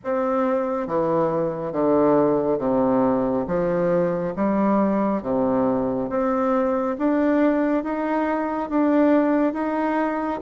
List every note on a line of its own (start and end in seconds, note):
0.04 0.87 C4
0.87 1.72 E3
1.72 2.58 D3
2.58 3.45 C3
3.47 4.34 F3
4.36 5.22 G3
5.22 6.09 C3
6.09 6.96 C4
6.98 7.83 D4
7.83 8.70 D#4
8.70 9.53 D4
9.53 10.40 D#4